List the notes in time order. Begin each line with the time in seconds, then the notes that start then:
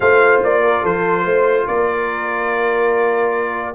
0.00 A3 F4 C5 F5
0.43 A#3 D5
0.63 A#4
0.82 F3 A4 C5
1.24 A3 C5
1.67 A#3 A#4 D5